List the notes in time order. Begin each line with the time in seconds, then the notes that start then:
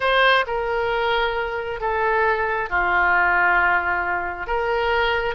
0.00 C5
0.46 A#4
1.80 A4
2.69 F4
4.46 A#4